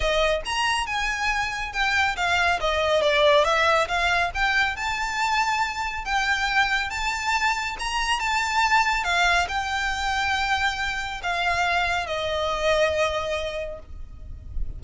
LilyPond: \new Staff \with { instrumentName = "violin" } { \time 4/4 \tempo 4 = 139 dis''4 ais''4 gis''2 | g''4 f''4 dis''4 d''4 | e''4 f''4 g''4 a''4~ | a''2 g''2 |
a''2 ais''4 a''4~ | a''4 f''4 g''2~ | g''2 f''2 | dis''1 | }